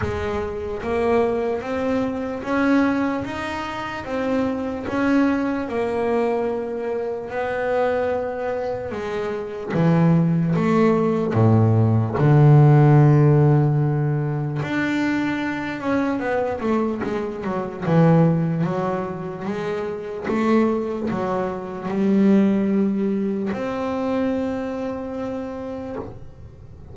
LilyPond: \new Staff \with { instrumentName = "double bass" } { \time 4/4 \tempo 4 = 74 gis4 ais4 c'4 cis'4 | dis'4 c'4 cis'4 ais4~ | ais4 b2 gis4 | e4 a4 a,4 d4~ |
d2 d'4. cis'8 | b8 a8 gis8 fis8 e4 fis4 | gis4 a4 fis4 g4~ | g4 c'2. | }